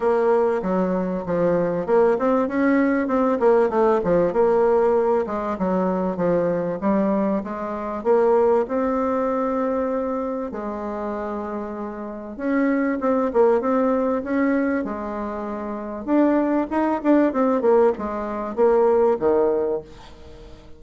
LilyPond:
\new Staff \with { instrumentName = "bassoon" } { \time 4/4 \tempo 4 = 97 ais4 fis4 f4 ais8 c'8 | cis'4 c'8 ais8 a8 f8 ais4~ | ais8 gis8 fis4 f4 g4 | gis4 ais4 c'2~ |
c'4 gis2. | cis'4 c'8 ais8 c'4 cis'4 | gis2 d'4 dis'8 d'8 | c'8 ais8 gis4 ais4 dis4 | }